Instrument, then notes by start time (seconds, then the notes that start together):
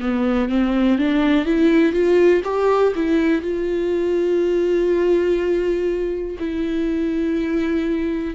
viola
0.00 B3
0.49 C4
0.98 D4
1.46 E4
1.93 F4
2.44 G4
2.96 E4
3.42 F4
6.39 E4